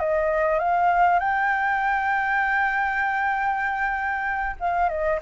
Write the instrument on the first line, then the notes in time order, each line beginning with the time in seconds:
flute
0.00 D#5
0.59 F5
1.20 G5
4.60 F5
4.89 D#5